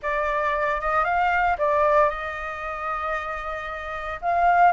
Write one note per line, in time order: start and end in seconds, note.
0.02 0.80 D5
0.80 1.04 D#5
1.04 1.56 F5
1.58 2.09 D5
2.09 4.20 D#5
4.21 4.72 F5